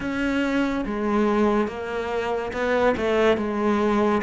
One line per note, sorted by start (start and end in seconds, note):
0.00 0.85 C#4
0.85 1.67 G#3
1.67 2.52 A#3
2.52 2.95 B3
2.97 3.36 A3
3.36 4.21 G#3